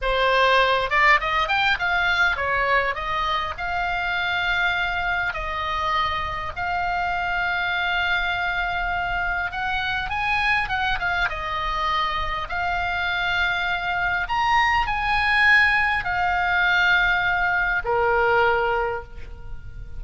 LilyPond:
\new Staff \with { instrumentName = "oboe" } { \time 4/4 \tempo 4 = 101 c''4. d''8 dis''8 g''8 f''4 | cis''4 dis''4 f''2~ | f''4 dis''2 f''4~ | f''1 |
fis''4 gis''4 fis''8 f''8 dis''4~ | dis''4 f''2. | ais''4 gis''2 f''4~ | f''2 ais'2 | }